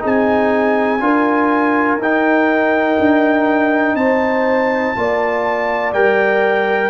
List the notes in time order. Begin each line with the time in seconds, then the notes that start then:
0.00 C4 D#4 G#4
0.06 G#5
1.00 D4 F4 A#4
1.98 D#4 G5
2.99 D4
3.95 C4 C5 A5
4.96 A#3 F4 D5
5.93 G3 A#4 G5